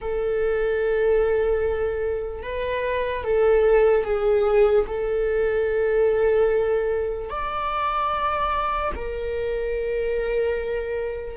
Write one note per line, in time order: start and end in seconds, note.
0.01 2.43 A4
2.43 3.24 B4
3.24 4.04 A4
4.04 4.85 G#4
4.86 7.29 A4
7.29 8.91 D5
8.95 11.37 A#4